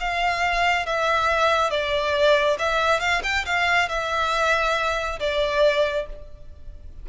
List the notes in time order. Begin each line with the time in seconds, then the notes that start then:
0.00 F5
0.85 E5
1.70 D5
2.59 E5
3.00 F5
3.23 G5
3.45 F5
3.89 E5
5.19 D5